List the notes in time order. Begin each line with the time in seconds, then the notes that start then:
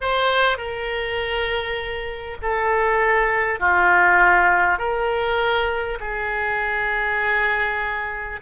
0.00 C5
0.57 A#4
2.42 A4
3.59 F4
4.78 A#4
6.00 G#4